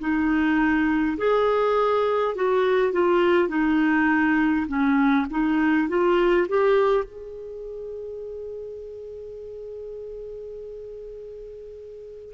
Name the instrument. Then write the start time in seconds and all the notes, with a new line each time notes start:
clarinet
0.00 D#4
1.18 G#4
2.35 F#4
2.93 F4
3.49 D#4
4.68 C#4
5.31 D#4
5.89 F4
6.49 G4
7.05 G#4